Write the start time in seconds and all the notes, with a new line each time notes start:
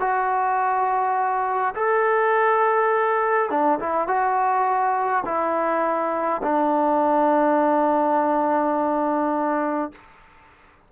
0.00 F#4
1.75 A4
3.50 D4
3.79 E4
4.08 F#4
5.25 E4
6.43 D4